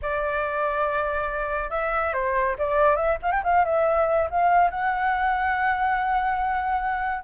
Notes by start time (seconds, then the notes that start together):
0.02 D5
1.70 E5
2.13 C5
2.58 D5
2.96 E5
3.22 F5
3.31 G5
3.43 F5
3.64 E5
4.30 F5
4.70 F#5